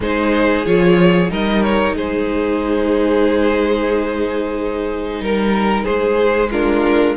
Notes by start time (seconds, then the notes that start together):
0.00 G#3 D#4 G#4 C5
0.65 F3 F4 C#5
1.28 G3 D#4 A#4 D#5
1.62 C#5
1.94 G#3 G#4 C5
5.19 G3 A#4
5.83 G#3 G#4 C5
6.50 D4 F4 A#4